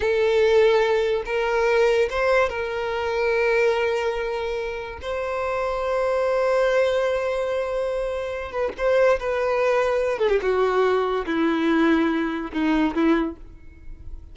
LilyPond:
\new Staff \with { instrumentName = "violin" } { \time 4/4 \tempo 4 = 144 a'2. ais'4~ | ais'4 c''4 ais'2~ | ais'1 | c''1~ |
c''1~ | c''8 b'8 c''4 b'2~ | b'8 a'16 g'16 fis'2 e'4~ | e'2 dis'4 e'4 | }